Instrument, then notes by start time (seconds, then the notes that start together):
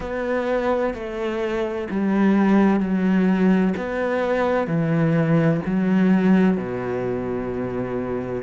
cello
0.00 B3
0.94 A3
1.90 G3
2.80 F#3
3.76 B3
4.67 E3
5.65 F#3
6.57 B2